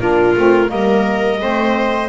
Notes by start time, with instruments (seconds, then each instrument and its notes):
0.00 double bass A#3, saxophone D4, viola F4, clarinet A#4
0.37 double bass A3, saxophone C4
0.67 double bass G3, saxophone A#3, viola A#4, clarinet D#5
1.40 double bass A3, saxophone C4, viola C5